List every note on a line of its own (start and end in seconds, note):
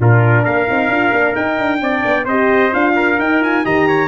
0.00 0.46 A#2
0.00 0.68 D4
0.00 0.43 F4
0.00 0.45 A#4
0.43 0.69 A#3
0.43 1.81 A#4
0.43 1.36 F5
0.68 0.89 C4
0.68 0.91 D#4
0.89 1.12 D4
0.89 1.13 F4
1.13 1.35 A#3
1.13 1.34 D4
1.34 1.79 D#4
1.34 1.59 D#4
1.34 2.27 G5
1.59 1.81 D4
1.81 2.04 C4
1.81 2.27 D4
1.81 2.26 D5
2.05 2.27 B3
2.26 2.72 C4
2.26 2.72 G4
2.26 2.94 C5
2.26 2.74 D#5
2.72 3.19 D4
2.72 3.18 F4
2.72 3.20 F5
2.96 3.65 A#4
3.19 3.41 D#4
3.19 3.65 D#4
3.19 3.43 G5
3.41 3.63 F4
3.41 3.66 G#5
3.63 4.08 D#3
3.63 4.08 G4
3.63 3.88 D#5
3.63 4.08 A#5
3.88 4.08 C#5